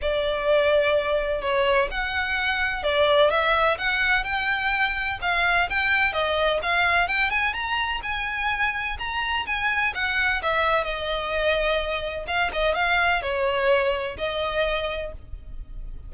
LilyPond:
\new Staff \with { instrumentName = "violin" } { \time 4/4 \tempo 4 = 127 d''2. cis''4 | fis''2 d''4 e''4 | fis''4 g''2 f''4 | g''4 dis''4 f''4 g''8 gis''8 |
ais''4 gis''2 ais''4 | gis''4 fis''4 e''4 dis''4~ | dis''2 f''8 dis''8 f''4 | cis''2 dis''2 | }